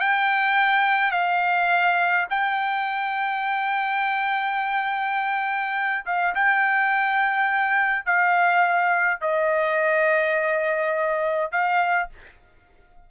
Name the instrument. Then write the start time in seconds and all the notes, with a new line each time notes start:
trumpet
0.00 G5
1.11 F5
2.30 G5
6.06 F5
6.35 G5
8.06 F5
9.21 D#5
11.51 F5